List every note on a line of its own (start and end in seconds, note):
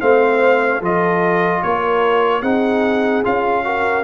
0.00 0.81 A3
0.00 0.81 C4
0.00 0.79 C5
0.00 0.82 F5
0.79 1.62 F3
0.79 2.43 F4
0.79 1.60 A4
0.79 1.62 D#5
1.62 2.42 A#3
1.62 2.41 A#4
1.62 2.42 C#5
2.41 3.23 C4
2.41 3.24 D#4
2.41 3.63 G#4
2.41 3.23 F#5
3.24 4.03 C#4
3.24 3.64 F4
3.24 4.03 F5
3.64 4.03 F#4
3.64 4.03 A#4